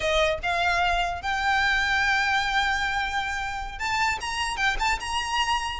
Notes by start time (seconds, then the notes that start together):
0.00 D#5
0.43 F5
1.21 G5
3.79 A5
4.20 A#5
4.56 G5
4.79 A5
5.00 A#5